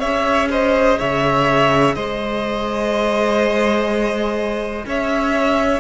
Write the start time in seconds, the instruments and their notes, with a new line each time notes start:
0.00 cello C#4, viola G#4, violin C#5 E5
0.50 violin C5 D#5
0.98 cello C#3, violin C#5 E5
1.95 cello G#3, violin C5 D#5
4.86 cello C#4, violin C#5 E5